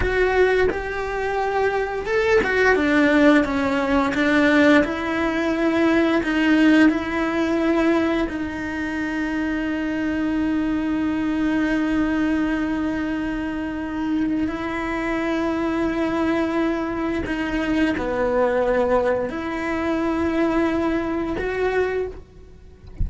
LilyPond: \new Staff \with { instrumentName = "cello" } { \time 4/4 \tempo 4 = 87 fis'4 g'2 a'8 fis'8 | d'4 cis'4 d'4 e'4~ | e'4 dis'4 e'2 | dis'1~ |
dis'1~ | dis'4 e'2.~ | e'4 dis'4 b2 | e'2. fis'4 | }